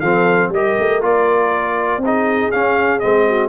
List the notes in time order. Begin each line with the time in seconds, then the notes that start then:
0.00 F3 C4 A4 F5
0.49 G3 G4 A#4 D#5
0.79 A3
1.01 A#3 F4 D5
1.98 C4
2.05 D#4 G#4 D#5
2.51 C#4 F5
3.00 G#3 C4 D#5
3.27 F#4